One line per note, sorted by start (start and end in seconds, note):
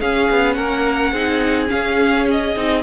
0.00 0.29 C#4
0.00 1.15 C#4
0.00 0.57 G#4
0.00 0.54 F5
0.30 0.58 B3
0.54 1.13 A#3
0.54 1.13 A#4
0.54 1.67 F#5
1.13 1.69 C4
1.13 1.68 D#4
1.13 2.83 G#4
1.68 2.53 C#4
1.68 2.56 C#4
1.68 2.27 F5
2.31 2.83 D#5
2.56 2.83 C4
2.56 2.83 D#4